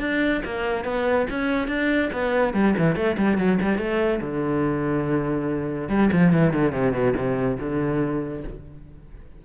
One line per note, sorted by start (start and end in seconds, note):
0.00 0.42 D4
0.45 0.85 A#3
0.85 1.27 B3
1.30 1.68 C#4
1.68 2.10 D4
2.13 2.54 B3
2.54 2.75 G3
2.78 2.96 E3
2.96 3.17 A3
3.18 3.38 G3
3.38 3.59 F#3
3.62 3.78 G3
3.78 4.20 A3
4.21 5.89 D3
5.89 6.10 G3
6.13 6.33 F3
6.33 6.53 E3
6.53 6.72 D3
6.72 6.93 C3
6.93 7.14 B2
7.17 7.58 C3
7.60 8.44 D3